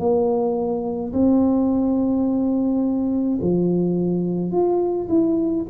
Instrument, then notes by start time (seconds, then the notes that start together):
tuba
0.00 A#3
1.13 C4
3.42 F3
4.52 F4
5.09 E4